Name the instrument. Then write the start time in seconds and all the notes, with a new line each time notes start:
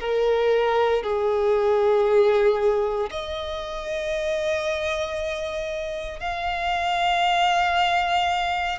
violin
0.00 A#4
1.03 G#4
3.11 D#5
6.20 F5